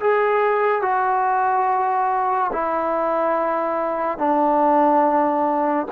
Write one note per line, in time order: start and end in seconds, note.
0.00 0.82 G#4
0.82 2.51 F#4
2.52 4.18 E4
4.18 5.87 D4